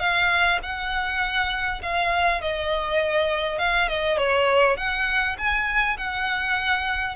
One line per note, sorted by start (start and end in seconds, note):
0.00 0.59 F5
0.63 1.82 F#5
1.83 2.41 F5
2.41 3.59 D#5
3.59 3.88 F5
3.89 4.18 D#5
4.18 4.77 C#5
4.77 5.37 F#5
5.38 5.98 G#5
5.98 7.16 F#5